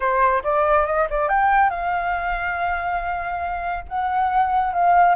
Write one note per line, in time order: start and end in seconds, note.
0.00 0.42 C5
0.43 0.86 D5
0.86 1.07 D#5
1.10 1.28 D5
1.28 1.70 G5
1.70 3.84 F5
3.88 4.73 F#5
4.73 5.15 F5